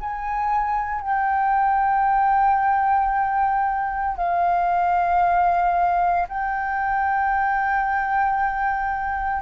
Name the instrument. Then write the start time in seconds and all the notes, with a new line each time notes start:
flute
0.00 G#5
1.01 G5
4.17 F5
6.28 G5